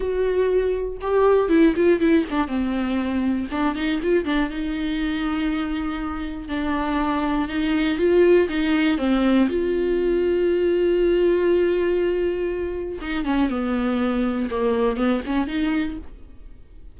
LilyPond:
\new Staff \with { instrumentName = "viola" } { \time 4/4 \tempo 4 = 120 fis'2 g'4 e'8 f'8 | e'8 d'8 c'2 d'8 dis'8 | f'8 d'8 dis'2.~ | dis'4 d'2 dis'4 |
f'4 dis'4 c'4 f'4~ | f'1~ | f'2 dis'8 cis'8 b4~ | b4 ais4 b8 cis'8 dis'4 | }